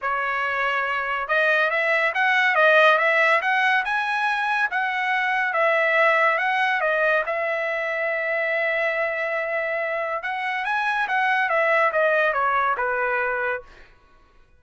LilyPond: \new Staff \with { instrumentName = "trumpet" } { \time 4/4 \tempo 4 = 141 cis''2. dis''4 | e''4 fis''4 dis''4 e''4 | fis''4 gis''2 fis''4~ | fis''4 e''2 fis''4 |
dis''4 e''2.~ | e''1 | fis''4 gis''4 fis''4 e''4 | dis''4 cis''4 b'2 | }